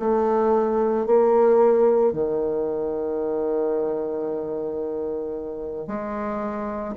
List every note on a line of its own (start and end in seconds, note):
0.00 1.07 A3
1.07 2.13 A#3
2.13 5.88 D#3
5.88 6.95 G#3